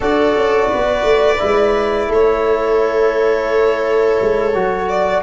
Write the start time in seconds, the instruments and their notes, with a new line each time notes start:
0.00 tuba D4, trombone F#4, viola A4, violin D5
0.35 tuba C#4
0.69 tuba B3, viola B4
1.03 tuba A3
1.38 tuba G#3, trombone E4
2.08 tuba A3, viola A4, violin C#5
4.21 tuba G#3
4.54 tuba F#3, trombone F#4
4.88 violin D5